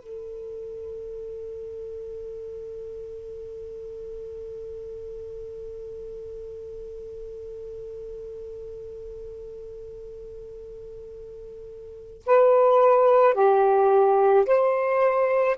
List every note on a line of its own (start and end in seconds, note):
0.00 12.22 A4
12.26 13.34 B4
13.34 14.45 G4
14.45 15.57 C5